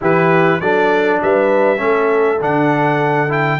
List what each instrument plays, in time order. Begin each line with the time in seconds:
0.01 tuba E3, trombone E4, horn G4, trumpet B4
0.60 tuba F#3, trombone D4, horn A4, trumpet D5
1.22 tuba G3, horn B4, trumpet E5
1.77 tuba A3, trombone C#4, horn A4
2.40 tuba D3, trombone D4, trumpet F#5
3.28 trombone E4, trumpet G5